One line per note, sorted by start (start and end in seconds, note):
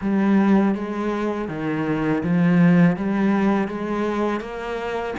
0.01 0.74 G3
0.74 1.48 G#3
1.48 2.22 D#3
2.23 2.96 F3
2.96 3.68 G3
3.68 4.40 G#3
4.40 5.14 A#3